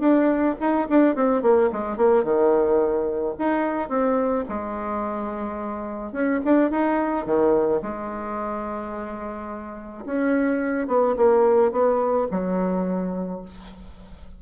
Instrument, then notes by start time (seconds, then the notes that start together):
bassoon
0.00 D4
0.61 D#4
0.90 D4
1.16 C4
1.43 A#3
1.73 G#3
1.97 A#3
2.24 D#3
3.39 D#4
3.90 C4
4.49 G#3
6.13 C#4
6.45 D4
6.71 D#4
7.26 D#3
7.83 G#3
10.06 C#4
10.88 B3
11.17 A#3
11.72 B3
12.31 F#3